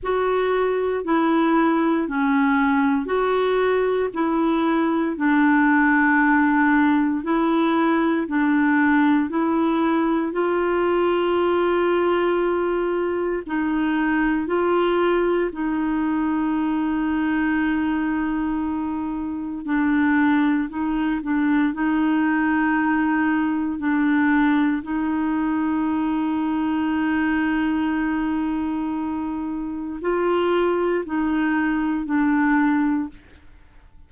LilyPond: \new Staff \with { instrumentName = "clarinet" } { \time 4/4 \tempo 4 = 58 fis'4 e'4 cis'4 fis'4 | e'4 d'2 e'4 | d'4 e'4 f'2~ | f'4 dis'4 f'4 dis'4~ |
dis'2. d'4 | dis'8 d'8 dis'2 d'4 | dis'1~ | dis'4 f'4 dis'4 d'4 | }